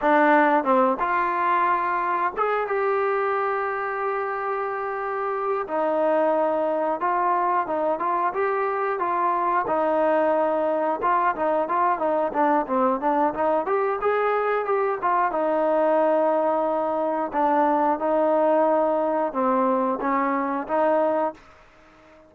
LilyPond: \new Staff \with { instrumentName = "trombone" } { \time 4/4 \tempo 4 = 90 d'4 c'8 f'2 gis'8 | g'1~ | g'8 dis'2 f'4 dis'8 | f'8 g'4 f'4 dis'4.~ |
dis'8 f'8 dis'8 f'8 dis'8 d'8 c'8 d'8 | dis'8 g'8 gis'4 g'8 f'8 dis'4~ | dis'2 d'4 dis'4~ | dis'4 c'4 cis'4 dis'4 | }